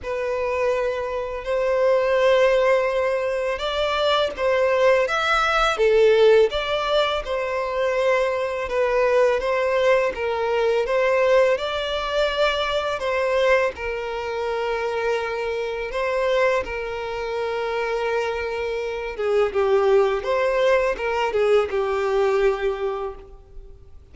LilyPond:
\new Staff \with { instrumentName = "violin" } { \time 4/4 \tempo 4 = 83 b'2 c''2~ | c''4 d''4 c''4 e''4 | a'4 d''4 c''2 | b'4 c''4 ais'4 c''4 |
d''2 c''4 ais'4~ | ais'2 c''4 ais'4~ | ais'2~ ais'8 gis'8 g'4 | c''4 ais'8 gis'8 g'2 | }